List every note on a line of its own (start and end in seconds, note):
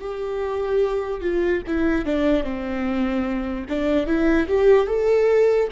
0.00 1.21 G4
1.21 1.62 F4
1.67 2.05 E4
2.05 2.44 D4
2.44 3.65 C4
3.69 4.07 D4
4.07 4.47 E4
4.48 4.87 G4
4.87 5.68 A4